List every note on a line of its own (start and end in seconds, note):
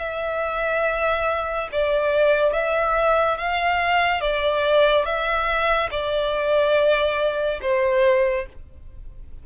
0.00 1.69 E5
1.72 2.54 D5
2.54 3.38 E5
3.38 4.21 F5
4.21 5.06 D5
5.06 5.90 E5
5.92 7.61 D5
7.62 8.47 C5